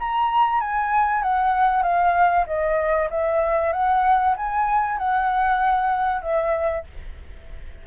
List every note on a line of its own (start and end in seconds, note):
0.00 0.61 A#5
0.61 1.23 G#5
1.23 1.83 F#5
1.83 2.46 F5
2.47 3.09 D#5
3.11 3.73 E5
3.73 4.36 F#5
4.37 4.98 G#5
4.98 6.22 F#5
6.22 6.85 E5